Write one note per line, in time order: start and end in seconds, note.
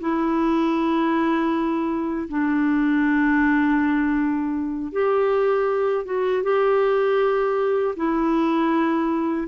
0.00 2.28 E4
2.29 4.92 D4
4.92 6.04 G4
6.04 6.42 F#4
6.43 7.95 G4
7.96 9.48 E4